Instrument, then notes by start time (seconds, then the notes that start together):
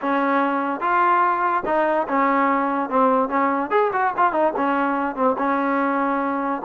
trombone
0.01 C#4
0.80 F4
1.65 D#4
2.07 C#4
2.89 C4
3.29 C#4
3.70 G#4
3.92 F#4
4.16 F4
4.32 D#4
4.56 C#4
5.15 C4
5.37 C#4